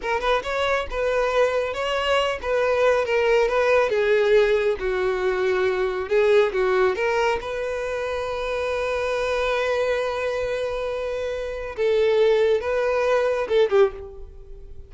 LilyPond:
\new Staff \with { instrumentName = "violin" } { \time 4/4 \tempo 4 = 138 ais'8 b'8 cis''4 b'2 | cis''4. b'4. ais'4 | b'4 gis'2 fis'4~ | fis'2 gis'4 fis'4 |
ais'4 b'2.~ | b'1~ | b'2. a'4~ | a'4 b'2 a'8 g'8 | }